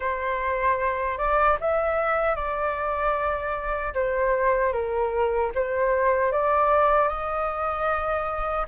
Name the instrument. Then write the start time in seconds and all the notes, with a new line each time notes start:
flute
0.00 C5
1.18 D5
1.60 E5
2.35 D5
3.93 C5
4.72 A#4
5.54 C5
6.32 D5
7.08 D#5